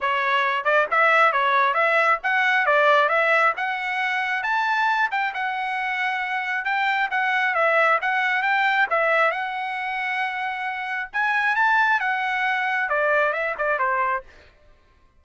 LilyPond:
\new Staff \with { instrumentName = "trumpet" } { \time 4/4 \tempo 4 = 135 cis''4. d''8 e''4 cis''4 | e''4 fis''4 d''4 e''4 | fis''2 a''4. g''8 | fis''2. g''4 |
fis''4 e''4 fis''4 g''4 | e''4 fis''2.~ | fis''4 gis''4 a''4 fis''4~ | fis''4 d''4 e''8 d''8 c''4 | }